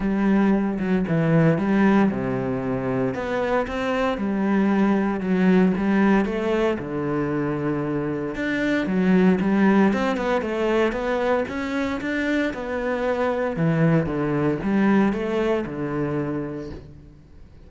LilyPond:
\new Staff \with { instrumentName = "cello" } { \time 4/4 \tempo 4 = 115 g4. fis8 e4 g4 | c2 b4 c'4 | g2 fis4 g4 | a4 d2. |
d'4 fis4 g4 c'8 b8 | a4 b4 cis'4 d'4 | b2 e4 d4 | g4 a4 d2 | }